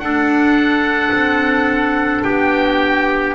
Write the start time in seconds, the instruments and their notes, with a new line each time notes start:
0.00 double bass D4, clarinet D4, trumpet A4, oboe F#5
1.12 double bass C4
2.23 double bass B3, trumpet G4, oboe G5